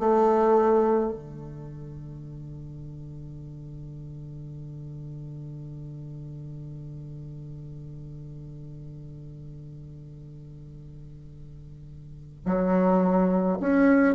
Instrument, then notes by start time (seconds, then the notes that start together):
bassoon
0.00 A3
1.13 D3
12.46 F#3
13.61 C#4